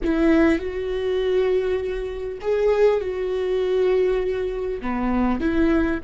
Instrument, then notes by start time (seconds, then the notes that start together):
viola
0.03 E4
0.58 F#4
2.41 G#4
3.01 F#4
4.81 B3
5.40 E4